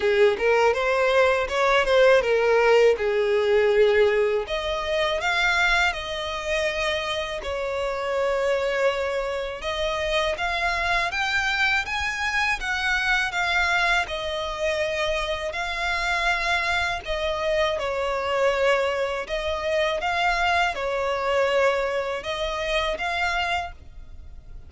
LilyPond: \new Staff \with { instrumentName = "violin" } { \time 4/4 \tempo 4 = 81 gis'8 ais'8 c''4 cis''8 c''8 ais'4 | gis'2 dis''4 f''4 | dis''2 cis''2~ | cis''4 dis''4 f''4 g''4 |
gis''4 fis''4 f''4 dis''4~ | dis''4 f''2 dis''4 | cis''2 dis''4 f''4 | cis''2 dis''4 f''4 | }